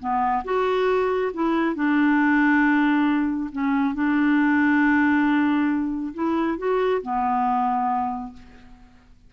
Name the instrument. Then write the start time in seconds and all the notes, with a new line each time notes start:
clarinet
0.00 B3
0.45 F#4
1.34 E4
1.75 D4
3.52 C#4
3.95 D4
6.14 E4
6.58 F#4
7.02 B3